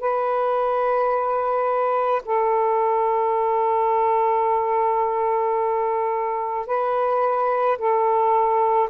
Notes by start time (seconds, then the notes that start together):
0.00 B4
2.25 A4
6.66 B4
7.78 A4